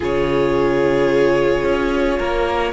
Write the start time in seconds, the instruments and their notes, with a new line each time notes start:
0.00 cello C#3, viola F4, violin G#4 C#5
1.64 cello C#4
2.18 cello A#3, violin A#4